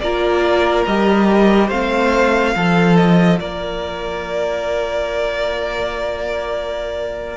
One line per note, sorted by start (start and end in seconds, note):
0.00 0.86 A#3
0.00 0.87 F4
0.00 1.67 A#4
0.00 0.85 D5
0.86 1.70 G3
0.86 1.71 G4
0.86 1.69 D#5
1.67 2.55 A3
1.67 2.56 C4
1.67 2.51 C5
1.67 2.96 F5
2.55 3.40 F3
2.55 7.37 F4
2.55 3.40 A4
2.96 3.39 D#5
3.39 7.37 A#3
3.39 7.37 A#4
3.39 7.37 D5